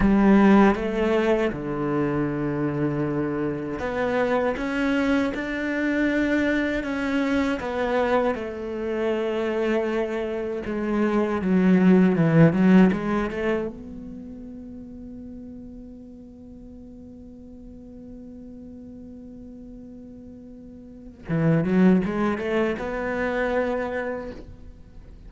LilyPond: \new Staff \with { instrumentName = "cello" } { \time 4/4 \tempo 4 = 79 g4 a4 d2~ | d4 b4 cis'4 d'4~ | d'4 cis'4 b4 a4~ | a2 gis4 fis4 |
e8 fis8 gis8 a8 b2~ | b1~ | b1 | e8 fis8 gis8 a8 b2 | }